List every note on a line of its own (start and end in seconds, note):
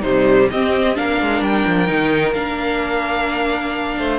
0.00 0.49 C3
0.00 0.51 G3
0.00 0.47 D#4
0.00 0.49 C5
0.50 0.98 C4
0.50 0.94 C4
0.50 0.96 G4
0.50 0.96 D#5
0.94 1.21 A#3
0.94 1.87 D4
0.94 3.98 A#4
0.94 1.43 F5
1.21 1.41 G#3
1.41 1.64 G3
1.41 2.33 G5
1.66 1.89 F3
1.87 2.34 D#3
1.87 2.33 D#4
2.33 3.97 A#3
2.33 4.19 D4
2.33 4.19 F5
3.98 4.19 A3
3.98 4.19 C5